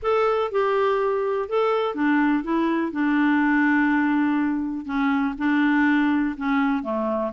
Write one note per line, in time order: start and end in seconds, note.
0.02 0.51 A4
0.51 1.48 G4
1.49 1.94 A4
1.94 2.43 D4
2.43 2.91 E4
2.91 4.85 D4
4.85 5.34 C#4
5.37 6.35 D4
6.37 6.83 C#4
6.83 7.32 A3